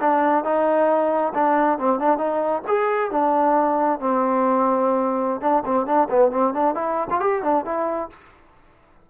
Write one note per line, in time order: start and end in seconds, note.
0.00 0.44 D4
0.44 1.33 D#4
1.34 1.78 D4
1.78 1.99 C4
1.99 2.17 D4
2.17 2.62 D#4
2.67 3.11 G#4
3.11 3.99 D4
4.00 5.41 C4
5.41 5.63 D4
5.65 5.86 C4
5.86 6.08 D4
6.09 6.31 B3
6.31 6.53 C4
6.54 6.74 D4
6.74 7.07 E4
7.10 7.20 F4
7.20 7.42 G4
7.42 7.65 D4
7.65 8.09 E4